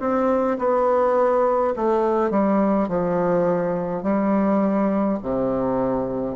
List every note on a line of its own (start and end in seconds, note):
0.00 0.58 C4
0.59 1.74 B3
1.76 2.31 A3
2.31 2.88 G3
2.88 4.03 F3
4.03 5.18 G3
5.22 6.36 C3